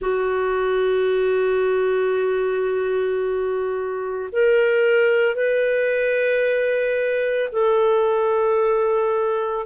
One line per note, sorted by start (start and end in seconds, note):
0.00 4.29 F#4
4.31 5.35 A#4
5.35 7.49 B4
7.51 9.66 A4